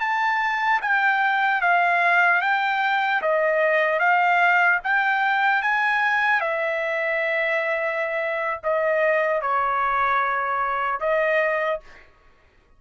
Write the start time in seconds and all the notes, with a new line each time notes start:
0.00 A5
0.81 G5
1.61 F5
2.41 G5
3.22 D#5
4.00 F5
4.84 G5
5.62 G#5
6.40 E5
8.63 D#5
9.41 C#5
11.00 D#5